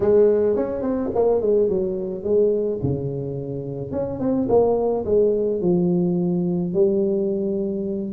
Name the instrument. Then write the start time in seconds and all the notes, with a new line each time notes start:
tuba
0.00 G#3
0.56 C#4
0.82 C4
1.14 A#3
1.41 G#3
1.68 F#3
2.23 G#3
2.82 C#3
3.91 C#4
4.19 C4
4.49 A#3
5.05 G#3
5.61 F3
6.73 G3